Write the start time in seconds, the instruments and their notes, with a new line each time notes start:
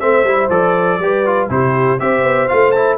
0.00 tuba A3, trombone C4, horn C5, trumpet E5
0.24 tuba G3, trombone E4
0.50 tuba F3, trombone A4, trumpet D5
0.99 tuba G3, trombone G4, horn B4
1.26 trombone F4
1.50 tuba C3, trombone E4, horn G4, trumpet C5
2.00 tuba C4, trombone G4, horn C5, trumpet E5
2.23 tuba B3
2.48 tuba A3, trombone F4, trumpet F5
2.72 trombone E4, trumpet A5